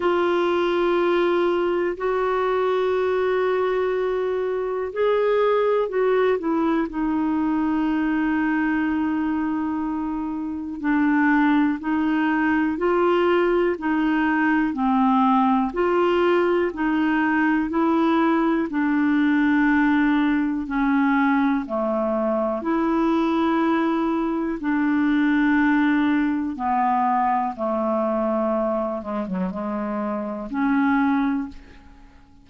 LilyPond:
\new Staff \with { instrumentName = "clarinet" } { \time 4/4 \tempo 4 = 61 f'2 fis'2~ | fis'4 gis'4 fis'8 e'8 dis'4~ | dis'2. d'4 | dis'4 f'4 dis'4 c'4 |
f'4 dis'4 e'4 d'4~ | d'4 cis'4 a4 e'4~ | e'4 d'2 b4 | a4. gis16 fis16 gis4 cis'4 | }